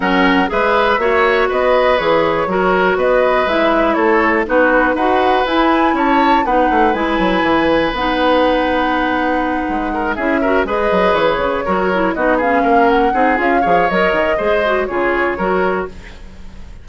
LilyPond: <<
  \new Staff \with { instrumentName = "flute" } { \time 4/4 \tempo 4 = 121 fis''4 e''2 dis''4 | cis''2 dis''4 e''4 | cis''4 b'4 fis''4 gis''4 | a''4 fis''4 gis''2 |
fis''1~ | fis''8 e''4 dis''4 cis''4.~ | cis''8 dis''8 f''4 fis''4 f''4 | dis''2 cis''2 | }
  \new Staff \with { instrumentName = "oboe" } { \time 4/4 ais'4 b'4 cis''4 b'4~ | b'4 ais'4 b'2 | a'4 fis'4 b'2 | cis''4 b'2.~ |
b'1 | ais'8 gis'8 ais'8 b'2 ais'8~ | ais'8 fis'8 gis'8 ais'4 gis'4 cis''8~ | cis''4 c''4 gis'4 ais'4 | }
  \new Staff \with { instrumentName = "clarinet" } { \time 4/4 cis'4 gis'4 fis'2 | gis'4 fis'2 e'4~ | e'4 dis'4 fis'4 e'4~ | e'4 dis'4 e'2 |
dis'1~ | dis'8 e'8 fis'8 gis'2 fis'8 | e'8 dis'8 cis'4. dis'8 f'8 gis'8 | ais'4 gis'8 fis'8 f'4 fis'4 | }
  \new Staff \with { instrumentName = "bassoon" } { \time 4/4 fis4 gis4 ais4 b4 | e4 fis4 b4 gis4 | a4 b4 dis'4 e'4 | cis'4 b8 a8 gis8 fis8 e4 |
b2.~ b8 gis8~ | gis8 cis'4 gis8 fis8 e8 cis8 fis8~ | fis8 b4 ais4 c'8 cis'8 f8 | fis8 dis8 gis4 cis4 fis4 | }
>>